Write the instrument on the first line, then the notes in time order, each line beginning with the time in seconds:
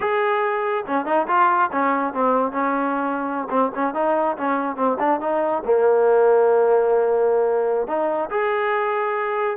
trombone
0.00 G#4
0.86 C#4
1.05 D#4
1.27 F4
1.72 C#4
2.13 C4
2.52 C#4
3.50 C4
3.74 C#4
3.94 D#4
4.37 C#4
4.76 C4
4.99 D4
5.20 D#4
5.64 A#3
7.87 D#4
8.30 G#4